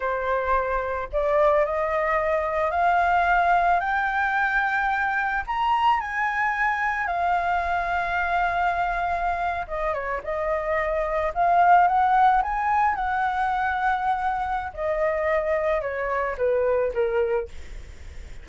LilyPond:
\new Staff \with { instrumentName = "flute" } { \time 4/4 \tempo 4 = 110 c''2 d''4 dis''4~ | dis''4 f''2 g''4~ | g''2 ais''4 gis''4~ | gis''4 f''2.~ |
f''4.~ f''16 dis''8 cis''8 dis''4~ dis''16~ | dis''8. f''4 fis''4 gis''4 fis''16~ | fis''2. dis''4~ | dis''4 cis''4 b'4 ais'4 | }